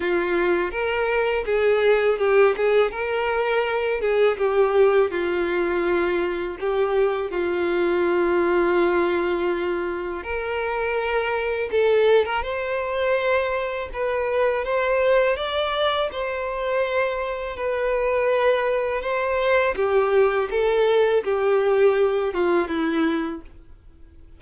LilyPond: \new Staff \with { instrumentName = "violin" } { \time 4/4 \tempo 4 = 82 f'4 ais'4 gis'4 g'8 gis'8 | ais'4. gis'8 g'4 f'4~ | f'4 g'4 f'2~ | f'2 ais'2 |
a'8. ais'16 c''2 b'4 | c''4 d''4 c''2 | b'2 c''4 g'4 | a'4 g'4. f'8 e'4 | }